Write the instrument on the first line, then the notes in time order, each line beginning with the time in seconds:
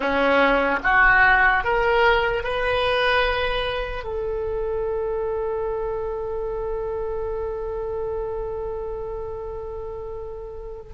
oboe
0.00 C#4
0.83 F#4
1.64 A#4
2.43 B4
4.04 A4